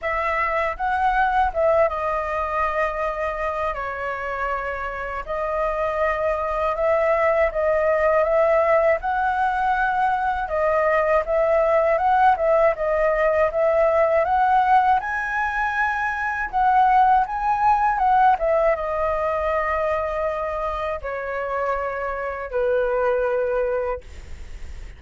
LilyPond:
\new Staff \with { instrumentName = "flute" } { \time 4/4 \tempo 4 = 80 e''4 fis''4 e''8 dis''4.~ | dis''4 cis''2 dis''4~ | dis''4 e''4 dis''4 e''4 | fis''2 dis''4 e''4 |
fis''8 e''8 dis''4 e''4 fis''4 | gis''2 fis''4 gis''4 | fis''8 e''8 dis''2. | cis''2 b'2 | }